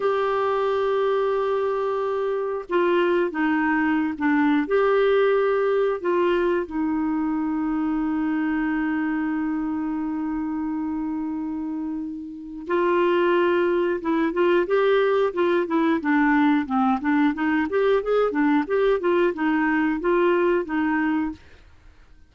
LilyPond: \new Staff \with { instrumentName = "clarinet" } { \time 4/4 \tempo 4 = 90 g'1 | f'4 dis'4~ dis'16 d'8. g'4~ | g'4 f'4 dis'2~ | dis'1~ |
dis'2. f'4~ | f'4 e'8 f'8 g'4 f'8 e'8 | d'4 c'8 d'8 dis'8 g'8 gis'8 d'8 | g'8 f'8 dis'4 f'4 dis'4 | }